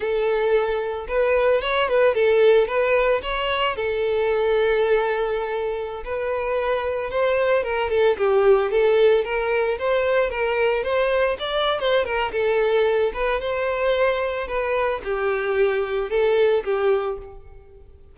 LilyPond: \new Staff \with { instrumentName = "violin" } { \time 4/4 \tempo 4 = 112 a'2 b'4 cis''8 b'8 | a'4 b'4 cis''4 a'4~ | a'2.~ a'16 b'8.~ | b'4~ b'16 c''4 ais'8 a'8 g'8.~ |
g'16 a'4 ais'4 c''4 ais'8.~ | ais'16 c''4 d''8. c''8 ais'8 a'4~ | a'8 b'8 c''2 b'4 | g'2 a'4 g'4 | }